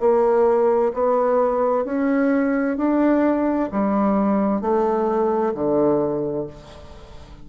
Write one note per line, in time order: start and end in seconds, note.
0.00 0.92 A#3
0.94 1.85 B3
1.85 2.77 C#4
2.77 3.69 D4
3.72 4.61 G3
4.61 5.53 A3
5.54 6.47 D3